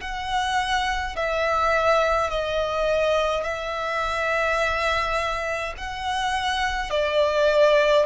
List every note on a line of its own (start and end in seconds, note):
0.00 1.15 F#5
1.15 2.30 E5
2.30 3.43 D#5
3.43 5.74 E5
5.77 6.90 F#5
6.90 8.06 D5